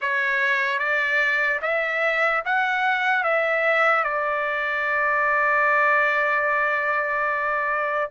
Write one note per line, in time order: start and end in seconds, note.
0.01 0.79 C#5
0.79 1.60 D5
1.62 2.43 E5
2.45 3.23 F#5
3.23 4.04 E5
4.04 8.09 D5